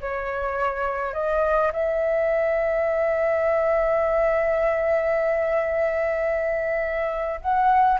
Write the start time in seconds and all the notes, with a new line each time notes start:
0.00 C#5
1.13 D#5
1.72 E5
7.41 F#5